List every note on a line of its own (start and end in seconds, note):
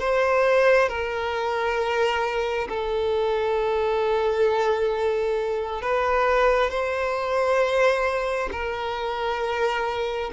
0.00 0.88 C5
0.88 2.67 A#4
2.68 5.82 A4
5.82 6.70 B4
6.70 8.49 C5
8.52 10.31 A#4